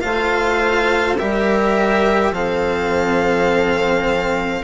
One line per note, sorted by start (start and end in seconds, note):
0.00 1.19 A3
0.00 1.16 F4
0.00 1.18 C5
0.00 1.15 F5
1.18 2.31 G3
1.18 2.33 G4
1.18 2.34 A#4
1.18 2.34 E5
2.31 4.62 F3
2.31 4.64 C4
2.31 4.64 A4
2.31 4.64 F5